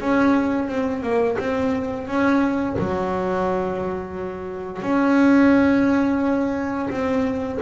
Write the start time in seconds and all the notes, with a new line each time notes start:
0.00 C#4
0.68 C4
1.03 A#3
1.39 C4
2.08 C#4
2.79 F#3
4.82 C#4
6.90 C4